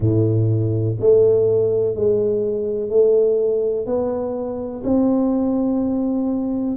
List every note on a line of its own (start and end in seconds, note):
0.00 0.97 A2
0.99 1.95 A3
1.95 2.89 G#3
2.89 3.86 A3
3.86 4.83 B3
4.83 6.76 C4